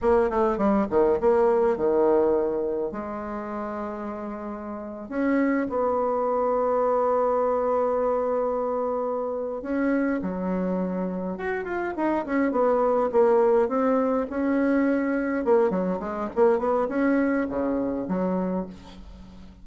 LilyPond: \new Staff \with { instrumentName = "bassoon" } { \time 4/4 \tempo 4 = 103 ais8 a8 g8 dis8 ais4 dis4~ | dis4 gis2.~ | gis8. cis'4 b2~ b16~ | b1~ |
b8 cis'4 fis2 fis'8 | f'8 dis'8 cis'8 b4 ais4 c'8~ | c'8 cis'2 ais8 fis8 gis8 | ais8 b8 cis'4 cis4 fis4 | }